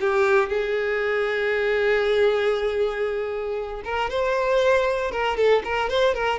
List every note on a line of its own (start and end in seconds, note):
0.00 0.48 G4
0.48 3.82 G#4
3.84 4.09 A#4
4.09 5.11 C5
5.11 5.37 A#4
5.37 5.62 A4
5.64 5.89 A#4
5.89 6.14 C5
6.14 6.38 A#4